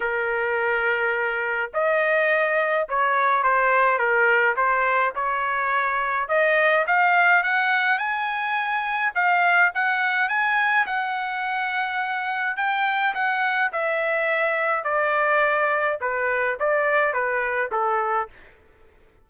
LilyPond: \new Staff \with { instrumentName = "trumpet" } { \time 4/4 \tempo 4 = 105 ais'2. dis''4~ | dis''4 cis''4 c''4 ais'4 | c''4 cis''2 dis''4 | f''4 fis''4 gis''2 |
f''4 fis''4 gis''4 fis''4~ | fis''2 g''4 fis''4 | e''2 d''2 | b'4 d''4 b'4 a'4 | }